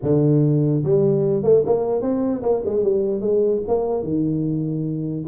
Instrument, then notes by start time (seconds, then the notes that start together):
tuba
0.02 D3
0.84 G3
1.43 A3
1.65 A#3
2.01 C4
2.42 A#3
2.65 G#3
2.83 G3
3.20 G#3
3.67 A#3
4.03 D#3